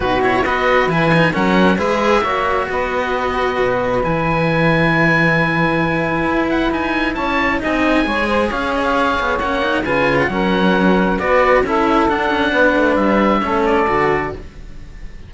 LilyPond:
<<
  \new Staff \with { instrumentName = "oboe" } { \time 4/4 \tempo 4 = 134 b'8 cis''8 dis''4 gis''4 fis''4 | e''2 dis''2~ | dis''4 gis''2.~ | gis''2~ gis''8 fis''8 gis''4 |
a''4 gis''2 f''8 dis''16 f''16~ | f''4 fis''4 gis''8. fis''4~ fis''16~ | fis''4 d''4 e''4 fis''4~ | fis''4 e''4. d''4. | }
  \new Staff \with { instrumentName = "saxophone" } { \time 4/4 fis'4 b'2 ais'4 | b'4 cis''4 b'2~ | b'1~ | b'1 |
cis''4 dis''4 cis''8 c''8 cis''4~ | cis''2 b'4 ais'4~ | ais'4 b'4 a'2 | b'2 a'2 | }
  \new Staff \with { instrumentName = "cello" } { \time 4/4 dis'8 e'8 fis'4 e'8 dis'8 cis'4 | gis'4 fis'2.~ | fis'4 e'2.~ | e'1~ |
e'4 dis'4 gis'2~ | gis'4 cis'8 dis'8 f'4 cis'4~ | cis'4 fis'4 e'4 d'4~ | d'2 cis'4 fis'4 | }
  \new Staff \with { instrumentName = "cello" } { \time 4/4 b,4 b4 e4 fis4 | gis4 ais4 b2 | b,4 e2.~ | e2 e'4 dis'4 |
cis'4 c'4 gis4 cis'4~ | cis'8 b8 ais4 cis4 fis4~ | fis4 b4 cis'4 d'8 cis'8 | b8 a8 g4 a4 d4 | }
>>